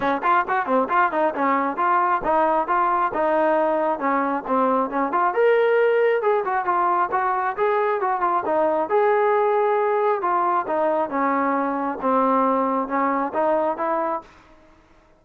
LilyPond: \new Staff \with { instrumentName = "trombone" } { \time 4/4 \tempo 4 = 135 cis'8 f'8 fis'8 c'8 f'8 dis'8 cis'4 | f'4 dis'4 f'4 dis'4~ | dis'4 cis'4 c'4 cis'8 f'8 | ais'2 gis'8 fis'8 f'4 |
fis'4 gis'4 fis'8 f'8 dis'4 | gis'2. f'4 | dis'4 cis'2 c'4~ | c'4 cis'4 dis'4 e'4 | }